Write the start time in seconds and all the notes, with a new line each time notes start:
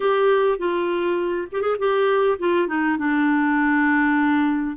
0.00 G4
0.58 F4
1.52 G4
1.61 G#4
1.78 G4
2.38 F4
2.67 D#4
2.98 D4